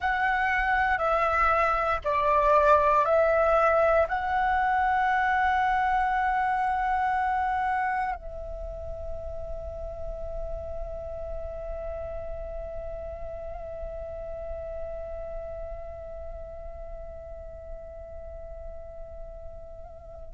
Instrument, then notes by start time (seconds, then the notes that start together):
flute
0.00 F#5
0.98 E5
2.04 D5
3.05 E5
4.08 F#5
8.15 E5